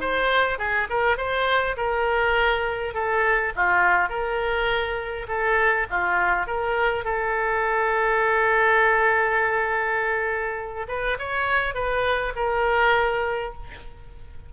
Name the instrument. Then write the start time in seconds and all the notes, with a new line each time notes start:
oboe
0.00 C5
0.58 G#4
0.89 A#4
1.17 C5
1.76 A#4
2.94 A4
3.55 F4
4.09 A#4
5.28 A4
5.90 F4
6.47 A#4
7.04 A4
10.88 B4
11.18 C#5
11.74 B4
12.35 A#4